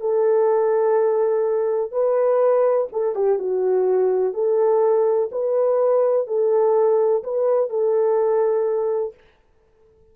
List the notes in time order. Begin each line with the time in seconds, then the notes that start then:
0.00 A4
1.91 B4
2.92 A4
3.15 G4
3.38 F#4
4.33 A4
5.31 B4
6.27 A4
7.23 B4
7.69 A4